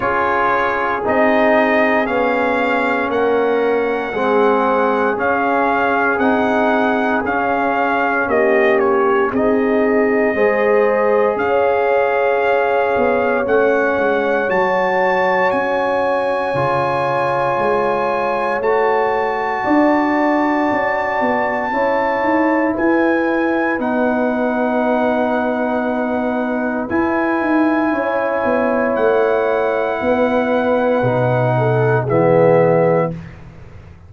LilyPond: <<
  \new Staff \with { instrumentName = "trumpet" } { \time 4/4 \tempo 4 = 58 cis''4 dis''4 f''4 fis''4~ | fis''4 f''4 fis''4 f''4 | dis''8 cis''8 dis''2 f''4~ | f''4 fis''4 a''4 gis''4~ |
gis''2 a''2~ | a''2 gis''4 fis''4~ | fis''2 gis''2 | fis''2. e''4 | }
  \new Staff \with { instrumentName = "horn" } { \time 4/4 gis'2. ais'4 | gis'1 | g'4 gis'4 c''4 cis''4~ | cis''1~ |
cis''2. d''4~ | d''4 cis''4 b'2~ | b'2. cis''4~ | cis''4 b'4. a'8 gis'4 | }
  \new Staff \with { instrumentName = "trombone" } { \time 4/4 f'4 dis'4 cis'2 | c'4 cis'4 dis'4 cis'4~ | cis'4 dis'4 gis'2~ | gis'4 cis'4 fis'2 |
f'2 fis'2~ | fis'4 e'2 dis'4~ | dis'2 e'2~ | e'2 dis'4 b4 | }
  \new Staff \with { instrumentName = "tuba" } { \time 4/4 cis'4 c'4 b4 ais4 | gis4 cis'4 c'4 cis'4 | ais4 c'4 gis4 cis'4~ | cis'8 b8 a8 gis8 fis4 cis'4 |
cis4 gis4 a4 d'4 | cis'8 b8 cis'8 dis'8 e'4 b4~ | b2 e'8 dis'8 cis'8 b8 | a4 b4 b,4 e4 | }
>>